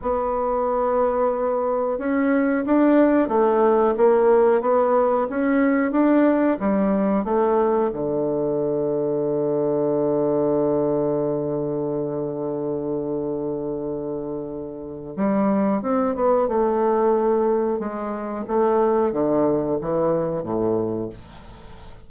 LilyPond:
\new Staff \with { instrumentName = "bassoon" } { \time 4/4 \tempo 4 = 91 b2. cis'4 | d'4 a4 ais4 b4 | cis'4 d'4 g4 a4 | d1~ |
d1~ | d2. g4 | c'8 b8 a2 gis4 | a4 d4 e4 a,4 | }